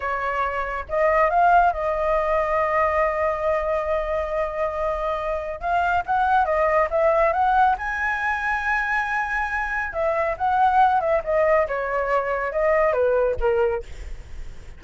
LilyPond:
\new Staff \with { instrumentName = "flute" } { \time 4/4 \tempo 4 = 139 cis''2 dis''4 f''4 | dis''1~ | dis''1~ | dis''4 f''4 fis''4 dis''4 |
e''4 fis''4 gis''2~ | gis''2. e''4 | fis''4. e''8 dis''4 cis''4~ | cis''4 dis''4 b'4 ais'4 | }